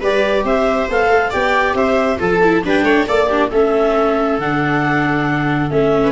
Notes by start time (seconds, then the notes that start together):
0.00 G3 G4 B4 D5
0.43 C4 C5 E5
0.89 B3 A4 F5
1.10 A3
1.30 B3 G4 D5 G5
1.74 C4 C5 E5
2.18 F3 F4 A4 A5
2.43 E4
2.64 G3 D4 B4 G5
2.83 A3 C#5
3.06 A#3 A4 D5
3.27 D4 G4
3.50 A3 C#4 A4 E5
4.38 D3 D4 F#5
5.70 A3 C#4 E5
6.02 B4